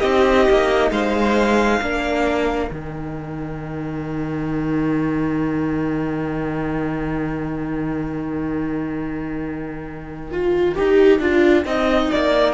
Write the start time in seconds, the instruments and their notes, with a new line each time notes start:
0.00 cello C4, viola D#4, violin G4 D#5
0.50 cello A#3
0.91 cello G#3, violin C5 F5
1.80 cello A#3, viola D4, violin A#4
2.70 cello D#3, viola D#4, violin G5
10.31 viola F4
10.75 cello D#4, viola G4
11.19 cello D4, viola F4
11.65 cello C4, viola D#4, violin D#5
12.12 cello A#3, violin D5